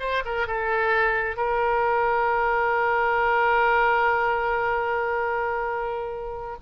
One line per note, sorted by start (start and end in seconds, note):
0.00 0.24 C5
0.25 0.47 A#4
0.47 1.37 A4
1.37 6.57 A#4